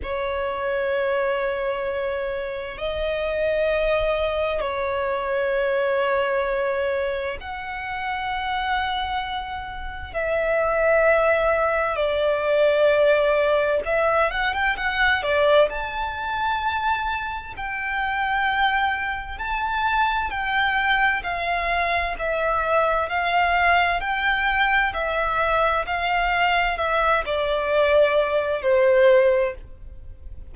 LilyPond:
\new Staff \with { instrumentName = "violin" } { \time 4/4 \tempo 4 = 65 cis''2. dis''4~ | dis''4 cis''2. | fis''2. e''4~ | e''4 d''2 e''8 fis''16 g''16 |
fis''8 d''8 a''2 g''4~ | g''4 a''4 g''4 f''4 | e''4 f''4 g''4 e''4 | f''4 e''8 d''4. c''4 | }